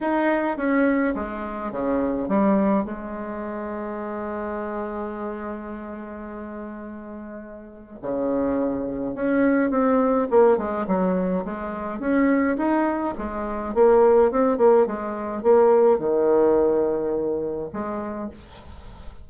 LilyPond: \new Staff \with { instrumentName = "bassoon" } { \time 4/4 \tempo 4 = 105 dis'4 cis'4 gis4 cis4 | g4 gis2.~ | gis1~ | gis2 cis2 |
cis'4 c'4 ais8 gis8 fis4 | gis4 cis'4 dis'4 gis4 | ais4 c'8 ais8 gis4 ais4 | dis2. gis4 | }